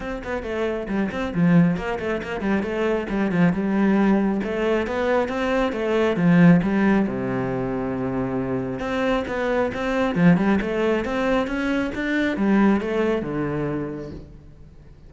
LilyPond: \new Staff \with { instrumentName = "cello" } { \time 4/4 \tempo 4 = 136 c'8 b8 a4 g8 c'8 f4 | ais8 a8 ais8 g8 a4 g8 f8 | g2 a4 b4 | c'4 a4 f4 g4 |
c1 | c'4 b4 c'4 f8 g8 | a4 c'4 cis'4 d'4 | g4 a4 d2 | }